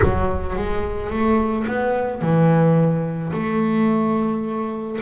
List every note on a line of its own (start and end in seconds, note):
0.02 0.56 F#3
0.56 1.10 G#3
1.10 1.65 A3
1.67 2.21 B3
2.21 3.32 E3
3.33 4.99 A3